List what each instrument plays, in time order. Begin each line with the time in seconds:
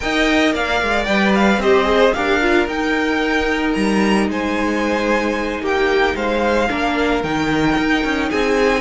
0.00 cello D#4, viola A#4, violin D#5 G5
0.52 cello A#3, violin D5 F5
0.82 cello G#3
1.04 cello G3, viola B4, violin G5
1.34 violin F5
1.57 cello C4, viola G4, violin C5 D#5
1.83 viola G#4
2.13 cello D4, viola G4, violin A#4 F5
2.41 viola F4
2.67 cello D#4, viola D#4, violin G5
3.73 cello G3, violin A#5
4.28 cello G#3, violin C5 G#5
5.61 cello A#3, violin G4 G5
6.15 cello G#3, violin C5 F5
6.69 cello A#3, viola D4, violin A#4
7.23 cello D#3, viola D#4, violin G5
7.77 cello D#4
8.04 cello C#4
8.30 cello C4, violin G#4 G#5